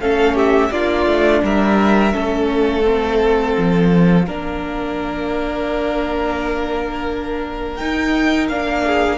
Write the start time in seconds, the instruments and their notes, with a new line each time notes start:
0.00 cello A3, viola C#4, violin A4 F5
0.35 violin G4 E5
0.72 cello A#3, viola D4, violin F4 D5
1.07 cello A3
1.43 cello G3, violin A#4 E5
2.13 cello A3, viola C#4, violin A4
2.51 violin F5
2.84 viola C4
3.58 cello F3
4.27 cello A#3, viola D4, violin A#4
7.77 viola D#4, cello D#4, violin G5
8.49 cello A#3, viola D4, violin F5
8.86 violin G#4